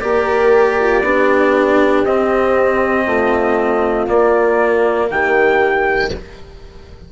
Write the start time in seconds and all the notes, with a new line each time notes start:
0.00 A#3 G4 A#4 D5
0.80 F4
1.02 B3 D4 G4
2.04 C4 D#5
3.06 A3 F4
4.07 A#3 D5
5.10 D#3 G4 G5